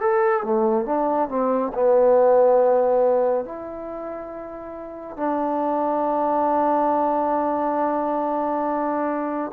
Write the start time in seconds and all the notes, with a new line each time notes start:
0.00 A4
0.43 A3
0.85 D4
1.28 C4
1.74 B3
3.45 E4
5.17 D4